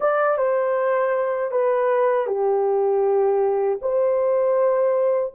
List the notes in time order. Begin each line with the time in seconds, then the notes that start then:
0.00 D5
0.37 C5
1.51 B4
2.26 G4
3.81 C5